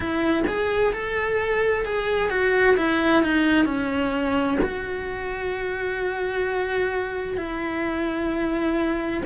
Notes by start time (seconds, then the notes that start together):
0.00 E4
0.47 G#4
0.92 A4
1.85 G#4
2.30 F#4
2.77 E4
3.23 D#4
3.65 C#4
4.62 F#4
7.37 E4